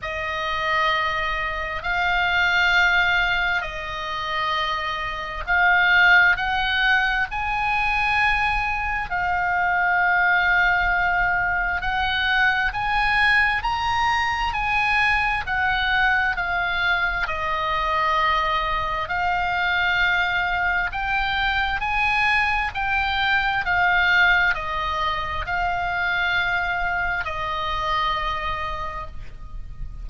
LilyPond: \new Staff \with { instrumentName = "oboe" } { \time 4/4 \tempo 4 = 66 dis''2 f''2 | dis''2 f''4 fis''4 | gis''2 f''2~ | f''4 fis''4 gis''4 ais''4 |
gis''4 fis''4 f''4 dis''4~ | dis''4 f''2 g''4 | gis''4 g''4 f''4 dis''4 | f''2 dis''2 | }